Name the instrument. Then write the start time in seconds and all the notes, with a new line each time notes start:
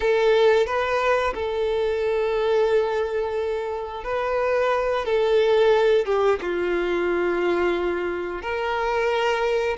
violin
0.00 A4
0.66 B4
1.34 A4
4.04 B4
5.05 A4
6.05 G4
6.41 F4
8.42 A#4